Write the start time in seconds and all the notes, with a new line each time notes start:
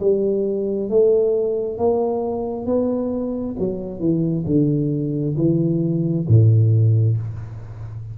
0.00 G3
0.90 A3
1.78 A#3
2.66 B3
3.59 F#3
4.00 E3
4.46 D3
5.37 E3
6.28 A2